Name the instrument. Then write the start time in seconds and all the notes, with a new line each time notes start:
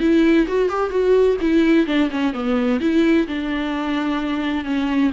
viola
0.00 E4
0.47 F#4
0.68 G4
0.90 F#4
1.41 E4
1.86 D4
2.10 C#4
2.33 B3
2.80 E4
3.27 D4
4.64 C#4